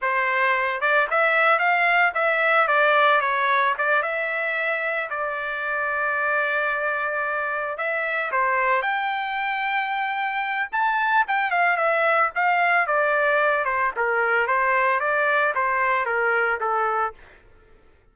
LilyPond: \new Staff \with { instrumentName = "trumpet" } { \time 4/4 \tempo 4 = 112 c''4. d''8 e''4 f''4 | e''4 d''4 cis''4 d''8 e''8~ | e''4. d''2~ d''8~ | d''2~ d''8 e''4 c''8~ |
c''8 g''2.~ g''8 | a''4 g''8 f''8 e''4 f''4 | d''4. c''8 ais'4 c''4 | d''4 c''4 ais'4 a'4 | }